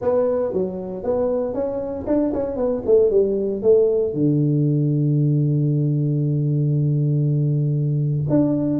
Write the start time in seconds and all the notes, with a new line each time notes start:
0.01 B3
0.52 F#3
1.03 B3
1.54 C#4
2.06 D4
2.33 C#4
2.56 B3
2.86 A3
3.10 G3
3.62 A3
4.13 D3
8.29 D4